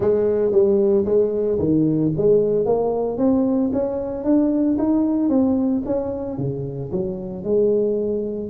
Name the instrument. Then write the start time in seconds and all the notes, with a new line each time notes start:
tuba
0.00 G#3
0.51 G3
1.05 G#3
1.58 D#3
2.17 G#3
2.65 A#3
3.17 C4
3.72 C#4
4.24 D4
4.78 D#4
5.29 C4
5.85 C#4
6.37 C#3
6.91 F#3
7.44 G#3